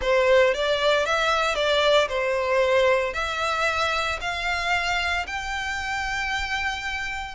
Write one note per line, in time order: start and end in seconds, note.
0.01 0.54 C5
0.54 1.05 D5
1.05 1.55 E5
1.55 2.08 D5
2.08 3.13 C5
3.13 4.19 E5
4.20 5.26 F5
5.26 7.34 G5